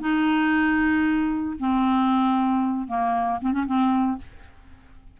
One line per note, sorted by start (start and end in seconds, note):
0.00 1.57 D#4
1.59 2.87 C4
2.87 3.40 A#3
3.41 3.52 C4
3.52 3.65 C#4
3.66 4.18 C4